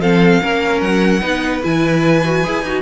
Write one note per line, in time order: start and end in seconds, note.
0.00 0.41 F3
0.00 0.42 C4
0.00 0.42 A4
0.00 0.81 F5
0.42 0.82 A#3
0.42 1.21 C#4
0.42 1.21 A#4
0.81 1.22 F#3
0.81 1.62 F#5
1.21 1.64 B3
1.21 1.62 D#4
1.21 2.82 B4
1.63 2.46 E3
1.63 2.24 E4
1.63 2.82 G#5
2.25 2.44 F#4
2.44 2.63 E4
2.44 2.65 G#4
2.63 2.82 D#4
2.63 2.82 F#4